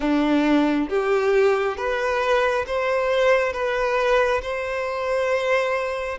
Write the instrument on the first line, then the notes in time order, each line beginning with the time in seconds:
violin
0.00 D4
0.89 G4
1.76 B4
2.67 C5
3.53 B4
4.42 C5